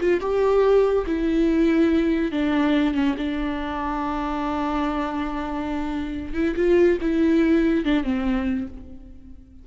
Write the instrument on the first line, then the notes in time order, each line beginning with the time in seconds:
viola
0.00 F4
0.20 G4
1.06 E4
2.31 D4
2.94 C#4
3.17 D4
6.34 E4
6.56 F4
7.01 E4
7.85 D4
8.04 C4